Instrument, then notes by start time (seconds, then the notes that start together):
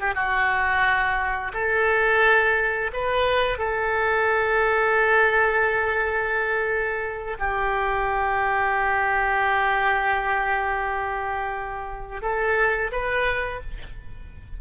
oboe
0.00 G4
0.15 F#4
1.54 A4
2.93 B4
3.59 A4
7.39 G4
12.22 A4
12.92 B4